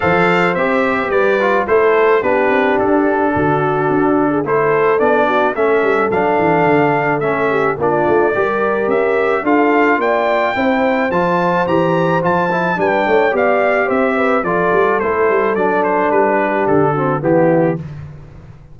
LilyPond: <<
  \new Staff \with { instrumentName = "trumpet" } { \time 4/4 \tempo 4 = 108 f''4 e''4 d''4 c''4 | b'4 a'2. | c''4 d''4 e''4 f''4~ | f''4 e''4 d''2 |
e''4 f''4 g''2 | a''4 ais''4 a''4 g''4 | f''4 e''4 d''4 c''4 | d''8 c''8 b'4 a'4 g'4 | }
  \new Staff \with { instrumentName = "horn" } { \time 4/4 c''2 b'4 a'4 | g'2 fis'4.~ fis'16 gis'16 | a'4. fis'8 a'2~ | a'4. g'8 f'4 ais'4~ |
ais'4 a'4 d''4 c''4~ | c''2. b'8 cis''8 | d''4 c''8 b'8 a'2~ | a'4. g'4 fis'8 e'4 | }
  \new Staff \with { instrumentName = "trombone" } { \time 4/4 a'4 g'4. f'8 e'4 | d'1 | e'4 d'4 cis'4 d'4~ | d'4 cis'4 d'4 g'4~ |
g'4 f'2 e'4 | f'4 g'4 f'8 e'8 d'4 | g'2 f'4 e'4 | d'2~ d'8 c'8 b4 | }
  \new Staff \with { instrumentName = "tuba" } { \time 4/4 f4 c'4 g4 a4 | b8 c'8 d'4 d4 d'4 | a4 b4 a8 g8 fis8 e8 | d4 a4 ais8 a8 g4 |
cis'4 d'4 ais4 c'4 | f4 e4 f4 g8 a8 | b4 c'4 f8 g8 a8 g8 | fis4 g4 d4 e4 | }
>>